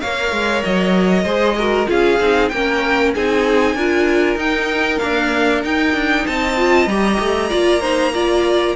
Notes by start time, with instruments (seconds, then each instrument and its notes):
0.00 cello A#3, viola A#4, violin C#5 F5
0.31 cello G#3
0.63 cello F#3, violin D#5
1.23 cello G#3, viola G#4, violin C5
1.58 viola F#4, violin A#4
1.86 cello C#4, viola F4, violin G#4 F5
2.20 cello C4, viola D#4
2.48 cello A#3, viola C#4, violin A#4 G5
3.14 cello C4, viola D#4, violin G#4 G#5
3.74 cello D4, viola F4, violin A#4
4.35 cello D#4, viola D#4, violin G5
4.98 viola A#3, cello D4, violin F5
5.62 viola D#4, cello D#4, violin G5
5.94 cello D4
6.27 cello C4, violin D#5 A5
6.56 viola F4
6.86 cello G3, viola G4, violin A#5
7.19 cello A3
7.49 cello A#3, viola F4, violin D5
7.80 viola D#4, violin C5
8.13 viola F4, violin D5